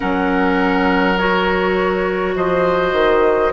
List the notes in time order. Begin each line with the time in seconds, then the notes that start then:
0.00 F#3 C#4 A#4 F#5
1.18 F#4 C#5
2.36 F3 C5 D#5
2.92 D#3